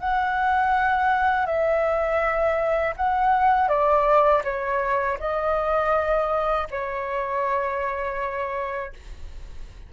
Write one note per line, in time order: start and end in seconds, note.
0.00 1.46 F#5
1.46 2.95 E5
2.97 3.69 F#5
3.69 4.43 D5
4.44 5.19 C#5
5.20 6.68 D#5
6.71 8.93 C#5